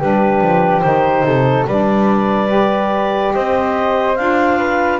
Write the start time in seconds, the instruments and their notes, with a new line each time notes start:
0.00 double bass G3, saxophone D4, flute G4, clarinet B4
0.41 double bass F3
0.81 double bass D#3, saxophone D#4, clarinet C5
1.24 double bass C3, flute A4
1.67 double bass G3, saxophone D4, flute B4, clarinet D5
2.48 saxophone G4
3.35 double bass C4, flute C5, clarinet D#5
4.16 double bass D4, saxophone F4, clarinet F5
4.58 flute B4